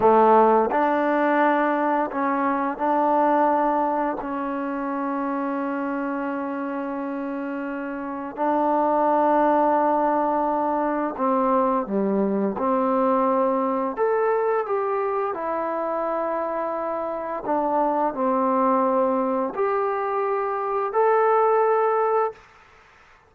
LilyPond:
\new Staff \with { instrumentName = "trombone" } { \time 4/4 \tempo 4 = 86 a4 d'2 cis'4 | d'2 cis'2~ | cis'1 | d'1 |
c'4 g4 c'2 | a'4 g'4 e'2~ | e'4 d'4 c'2 | g'2 a'2 | }